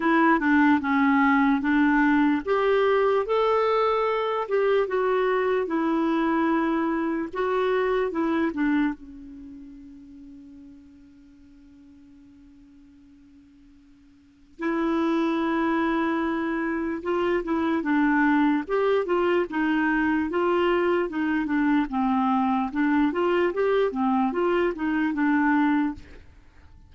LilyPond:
\new Staff \with { instrumentName = "clarinet" } { \time 4/4 \tempo 4 = 74 e'8 d'8 cis'4 d'4 g'4 | a'4. g'8 fis'4 e'4~ | e'4 fis'4 e'8 d'8 cis'4~ | cis'1~ |
cis'2 e'2~ | e'4 f'8 e'8 d'4 g'8 f'8 | dis'4 f'4 dis'8 d'8 c'4 | d'8 f'8 g'8 c'8 f'8 dis'8 d'4 | }